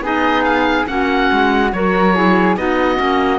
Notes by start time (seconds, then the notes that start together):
0.00 B3 D#4 G#4 D#5
0.44 F5
0.86 A#3 C#4 F#4 F#5
1.32 G#3
1.73 F#3 F#4 A#4 C#5
2.15 E4 G#4
2.56 B3 D#4 F#4 D#5
2.96 A#3 C#4